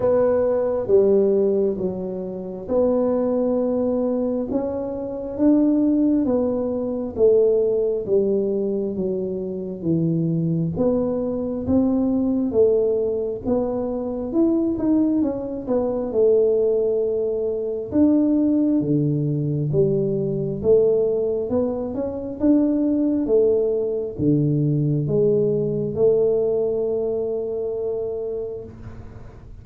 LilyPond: \new Staff \with { instrumentName = "tuba" } { \time 4/4 \tempo 4 = 67 b4 g4 fis4 b4~ | b4 cis'4 d'4 b4 | a4 g4 fis4 e4 | b4 c'4 a4 b4 |
e'8 dis'8 cis'8 b8 a2 | d'4 d4 g4 a4 | b8 cis'8 d'4 a4 d4 | gis4 a2. | }